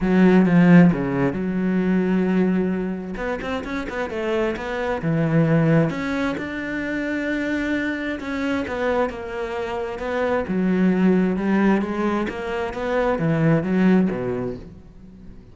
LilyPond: \new Staff \with { instrumentName = "cello" } { \time 4/4 \tempo 4 = 132 fis4 f4 cis4 fis4~ | fis2. b8 c'8 | cis'8 b8 a4 b4 e4~ | e4 cis'4 d'2~ |
d'2 cis'4 b4 | ais2 b4 fis4~ | fis4 g4 gis4 ais4 | b4 e4 fis4 b,4 | }